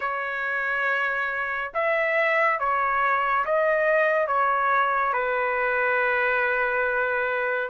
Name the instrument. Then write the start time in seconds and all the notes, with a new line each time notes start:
trumpet
0.00 C#5
1.74 E5
2.59 C#5
3.45 D#5
4.27 C#5
5.13 B4